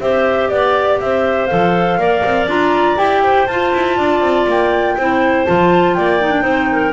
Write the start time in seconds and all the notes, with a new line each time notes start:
0.00 C4 G4 C5 E5
0.49 B3 D5
1.00 C4 C5 E5
1.46 F3 A4 F5
1.98 A#3 A#4 D5
2.24 C4
2.46 D4 F4 A#5
2.97 E4 G4 G5
3.23 C5
3.46 F4 A5
3.73 E4
3.97 D4 D5
4.21 C4
4.46 A#3 G5
4.97 C4 E4 C5
5.45 F3 F4 A5
5.94 A#3 D5 G5
6.20 D#4
6.31 D4
6.42 C4 D#4 C5
6.72 A#4